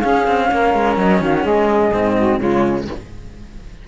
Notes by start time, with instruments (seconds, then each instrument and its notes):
0.00 cello C#4, saxophone G#4, flute F5
0.27 cello C4
0.51 cello A#3, saxophone A#4
0.74 cello G#3
0.97 cello F#3, flute D#5
1.20 cello D#3, saxophone F#4, flute F5
1.35 flute F#5
1.42 cello G#3, saxophone G#4, flute D#5
1.93 cello G#2 C4
2.16 saxophone F#4
2.38 cello C#3 G#3, saxophone F4, flute C#5